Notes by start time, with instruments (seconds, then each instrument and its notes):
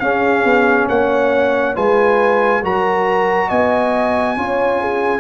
0.00 tuba C#4, trombone C#4, horn G#4, trumpet F5
0.45 tuba B3
0.89 tuba A#3, horn C#5, trumpet F#5
1.75 tuba G#3, trombone F4, horn B4, trumpet G#5
2.64 tuba F#3, trombone F#4, horn A#4, trumpet A#5
3.48 tuba B3, horn D#5, trumpet G#5
4.37 tuba C#4, trombone F4, horn C#5
4.82 horn G#4